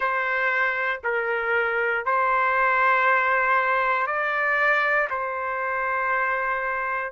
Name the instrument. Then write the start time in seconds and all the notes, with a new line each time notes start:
trumpet
0.00 C5
1.03 A#4
2.05 C5
4.06 D5
5.09 C5